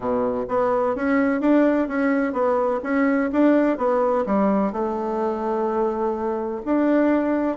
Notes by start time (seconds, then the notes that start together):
0.00 B2
0.48 B3
0.95 C#4
1.40 D4
1.88 C#4
2.32 B3
2.83 C#4
3.32 D4
3.77 B3
4.26 G3
4.72 A3
6.65 D4